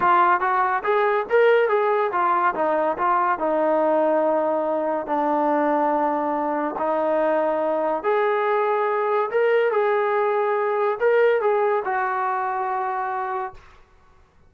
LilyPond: \new Staff \with { instrumentName = "trombone" } { \time 4/4 \tempo 4 = 142 f'4 fis'4 gis'4 ais'4 | gis'4 f'4 dis'4 f'4 | dis'1 | d'1 |
dis'2. gis'4~ | gis'2 ais'4 gis'4~ | gis'2 ais'4 gis'4 | fis'1 | }